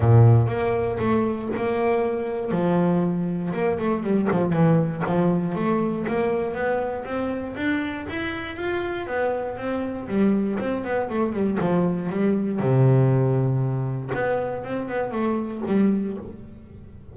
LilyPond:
\new Staff \with { instrumentName = "double bass" } { \time 4/4 \tempo 4 = 119 ais,4 ais4 a4 ais4~ | ais4 f2 ais8 a8 | g8 f8 e4 f4 a4 | ais4 b4 c'4 d'4 |
e'4 f'4 b4 c'4 | g4 c'8 b8 a8 g8 f4 | g4 c2. | b4 c'8 b8 a4 g4 | }